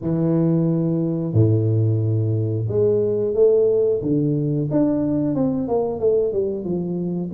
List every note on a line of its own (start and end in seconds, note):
0.01 1.33 E3
1.33 2.66 A2
2.68 3.34 G#3
3.34 4.00 A3
4.02 4.68 D3
4.70 5.35 D4
5.35 5.68 C4
5.68 5.99 A#3
5.99 6.32 A3
6.32 6.64 G3
6.64 7.31 F3